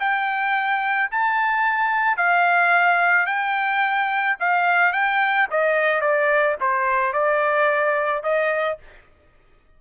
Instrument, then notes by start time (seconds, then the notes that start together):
trumpet
0.00 G5
1.11 A5
2.17 F5
3.27 G5
4.40 F5
4.93 G5
5.51 D#5
6.02 D5
6.61 C5
7.13 D5
8.23 D#5